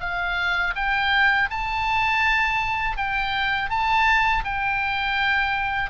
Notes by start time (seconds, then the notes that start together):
0.00 F5
0.75 G5
1.50 A5
2.97 G5
3.70 A5
4.44 G5